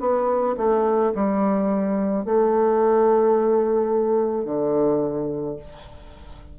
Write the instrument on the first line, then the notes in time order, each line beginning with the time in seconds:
bassoon
0.00 B3
0.57 A3
1.15 G3
2.25 A3
4.45 D3